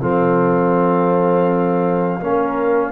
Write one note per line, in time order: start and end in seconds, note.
0.00 2.20 F3
0.00 2.20 C4
0.00 2.21 A4
0.00 2.92 F5
2.20 2.92 A#3
2.20 2.92 C#4
2.20 2.92 A#4